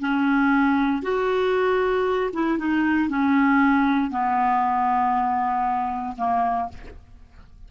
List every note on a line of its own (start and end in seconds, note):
0.00 1.03 C#4
1.03 2.31 F#4
2.33 2.59 E4
2.59 3.09 D#4
3.09 4.10 C#4
4.10 6.16 B3
6.17 6.69 A#3